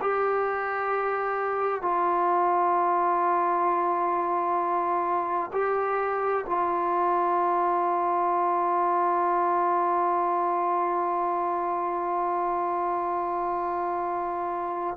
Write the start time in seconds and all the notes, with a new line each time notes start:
0.00 G4
1.81 F4
5.52 G4
6.46 F4